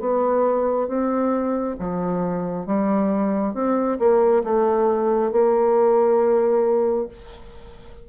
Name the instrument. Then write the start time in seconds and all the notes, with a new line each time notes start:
bassoon
0.00 B3
0.88 C4
1.79 F3
2.66 G3
3.54 C4
3.99 A#3
4.44 A3
5.32 A#3